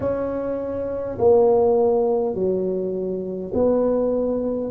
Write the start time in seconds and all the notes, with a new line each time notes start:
0.00 C#4
1.18 A#3
2.34 F#3
3.53 B3